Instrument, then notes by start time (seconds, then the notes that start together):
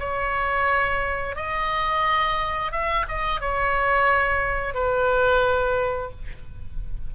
oboe
0.00 C#5
1.36 D#5
2.72 E5
3.09 D#5
3.41 C#5
4.74 B4